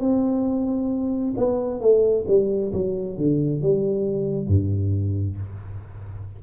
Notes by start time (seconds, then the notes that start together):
0.00 C4
1.37 B3
1.80 A3
2.28 G3
2.73 F#3
3.17 D3
3.61 G3
4.47 G2